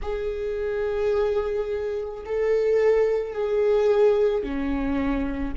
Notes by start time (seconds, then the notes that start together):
0.02 G#4
2.25 A4
3.33 G#4
4.43 C#4